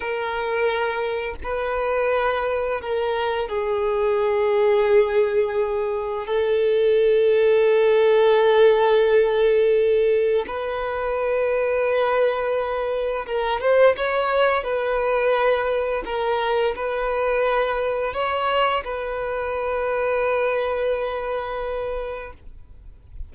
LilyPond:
\new Staff \with { instrumentName = "violin" } { \time 4/4 \tempo 4 = 86 ais'2 b'2 | ais'4 gis'2.~ | gis'4 a'2.~ | a'2. b'4~ |
b'2. ais'8 c''8 | cis''4 b'2 ais'4 | b'2 cis''4 b'4~ | b'1 | }